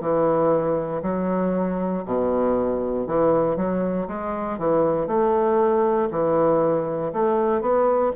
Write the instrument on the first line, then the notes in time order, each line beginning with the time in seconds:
bassoon
0.00 E3
1.02 F#3
2.05 B2
3.06 E3
3.56 F#3
4.07 G#3
4.58 E3
5.07 A3
6.11 E3
7.12 A3
7.61 B3